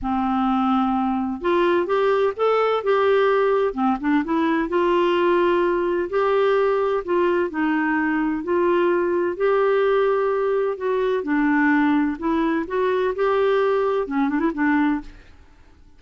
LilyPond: \new Staff \with { instrumentName = "clarinet" } { \time 4/4 \tempo 4 = 128 c'2. f'4 | g'4 a'4 g'2 | c'8 d'8 e'4 f'2~ | f'4 g'2 f'4 |
dis'2 f'2 | g'2. fis'4 | d'2 e'4 fis'4 | g'2 cis'8 d'16 e'16 d'4 | }